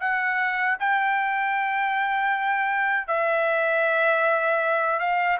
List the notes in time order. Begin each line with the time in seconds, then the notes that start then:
0.00 F#5
0.79 G5
3.07 E5
4.99 F5